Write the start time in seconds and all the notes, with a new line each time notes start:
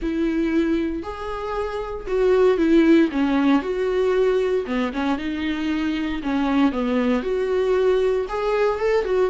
0.02 E4
1.02 G#4
2.07 F#4
2.57 E4
3.11 C#4
3.62 F#4
4.66 B3
4.93 C#4
5.18 D#4
6.23 C#4
6.71 B3
7.22 F#4
8.29 G#4
8.79 A4
9.04 F#4